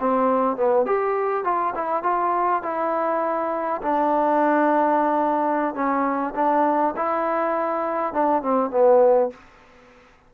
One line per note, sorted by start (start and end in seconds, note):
0.00 0.57 C4
0.57 0.86 B3
0.86 1.44 G4
1.44 1.74 F4
1.75 2.03 E4
2.03 2.63 F4
2.63 3.82 E4
3.82 5.75 D4
5.75 6.34 C#4
6.35 6.95 D4
6.96 8.14 E4
8.14 8.42 D4
8.42 8.71 C4
8.71 9.30 B3